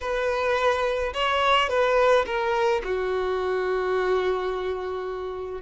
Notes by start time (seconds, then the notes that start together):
0.01 B4
1.13 C#5
1.69 B4
2.26 A#4
2.84 F#4